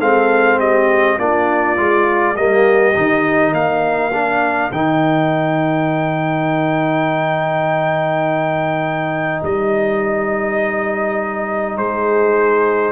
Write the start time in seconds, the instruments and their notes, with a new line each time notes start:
0.00 tuba G#3, trombone C4, horn A4, trumpet F5
0.59 horn G4, trumpet D#5
1.19 tuba A#3, trombone D4, horn F4, trumpet D5
1.77 tuba G#3, trombone F4
2.36 tuba G3, trombone A#3, horn G4, trumpet D#5
2.94 tuba D#3, trombone D#4
3.53 tuba A#3, horn A#4, trumpet F5
4.13 trombone D4
4.72 tuba D#3, trombone D#4, trumpet G5
9.43 tuba G3, trumpet D#5
11.77 tuba G#3, horn G#4, trumpet C5